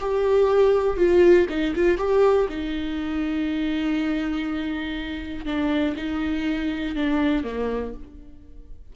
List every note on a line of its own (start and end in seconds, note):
0.00 0.96 G4
0.96 1.46 F4
1.49 1.74 D#4
1.75 1.98 F4
1.98 2.47 G4
2.48 5.45 D#4
5.45 5.95 D4
5.96 6.95 D#4
6.95 7.44 D4
7.44 7.93 A#3